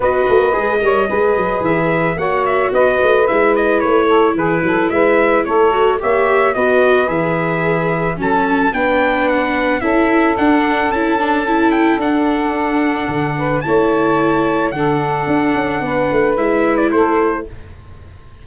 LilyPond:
<<
  \new Staff \with { instrumentName = "trumpet" } { \time 4/4 \tempo 4 = 110 dis''2. e''4 | fis''8 e''8 dis''4 e''8 dis''8 cis''4 | b'4 e''4 cis''4 e''4 | dis''4 e''2 a''4 |
g''4 fis''4 e''4 fis''4 | a''4. g''8 fis''2~ | fis''4 a''2 fis''4~ | fis''2 e''8. d''16 c''4 | }
  \new Staff \with { instrumentName = "saxophone" } { \time 4/4 b'4. cis''8 b'2 | cis''4 b'2~ b'8 a'8 | gis'8 a'8 b'4 a'4 cis''4 | b'2. a'4 |
b'2 a'2~ | a'1~ | a'8 b'8 cis''2 a'4~ | a'4 b'2 a'4 | }
  \new Staff \with { instrumentName = "viola" } { \time 4/4 fis'4 gis'8 ais'8 gis'2 | fis'2 e'2~ | e'2~ e'8 fis'8 g'4 | fis'4 gis'2 cis'4 |
d'2 e'4 d'4 | e'8 d'8 e'4 d'2~ | d'4 e'2 d'4~ | d'2 e'2 | }
  \new Staff \with { instrumentName = "tuba" } { \time 4/4 b8 ais8 gis8 g8 gis8 fis8 e4 | ais4 b8 a8 gis4 a4 | e8 fis8 gis4 a4 ais4 | b4 e2 fis4 |
b2 cis'4 d'4 | cis'2 d'2 | d4 a2 d4 | d'8 cis'8 b8 a8 gis4 a4 | }
>>